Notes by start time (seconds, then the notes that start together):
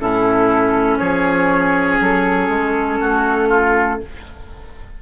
0.00 A2 C#4 E4 A4
0.98 F3 G#4 C#5
2.00 F#3 A4
2.48 G#3
3.00 A3 F#4
3.48 F4